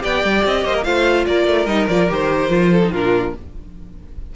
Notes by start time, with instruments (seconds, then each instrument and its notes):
0.00 cello B3, viola G4, violin D5 G5
0.24 cello G3
0.46 cello C4, violin D#5
0.65 cello A#3, violin C5
0.74 violin A#4
0.84 cello A3, viola F4, violin C5 F5
1.26 cello A#3, violin A#4 D5
1.47 cello A3
1.66 cello G3, viola D#4, violin D#5
1.89 cello F3, viola F4, violin D5
2.08 cello D#3, viola G4, violin C5
2.49 cello F3, viola F4
2.72 violin A4
2.84 viola D#4
2.92 cello A#2, viola D4, violin F4 A#4